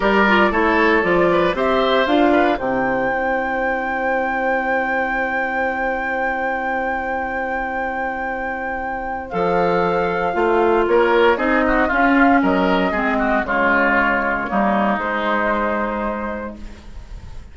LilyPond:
<<
  \new Staff \with { instrumentName = "flute" } { \time 4/4 \tempo 4 = 116 d''4 cis''4 d''4 e''4 | f''4 g''2.~ | g''1~ | g''1~ |
g''2 f''2~ | f''4 cis''4 dis''4 f''4 | dis''2 cis''2~ | cis''4 c''2. | }
  \new Staff \with { instrumentName = "oboe" } { \time 4/4 ais'4 a'4. b'8 c''4~ | c''8 b'8 c''2.~ | c''1~ | c''1~ |
c''1~ | c''4 ais'4 gis'8 fis'8 f'4 | ais'4 gis'8 fis'8 f'2 | dis'1 | }
  \new Staff \with { instrumentName = "clarinet" } { \time 4/4 g'8 f'8 e'4 f'4 g'4 | f'4 e'2.~ | e'1~ | e'1~ |
e'2 a'2 | f'2 dis'4 cis'4~ | cis'4 c'4 gis2 | ais4 gis2. | }
  \new Staff \with { instrumentName = "bassoon" } { \time 4/4 g4 a4 f4 c'4 | d'4 c4 c'2~ | c'1~ | c'1~ |
c'2 f2 | a4 ais4 c'4 cis'4 | fis4 gis4 cis2 | g4 gis2. | }
>>